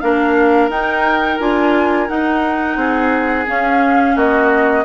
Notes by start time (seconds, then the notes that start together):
0.00 A#3 D4 A#4 F5
0.69 D#4 G5
1.39 D4 F4 G#5
2.08 D#4 F#5
2.76 C4 G#4
3.47 C#4 F5
4.15 A#3 F#4 D#5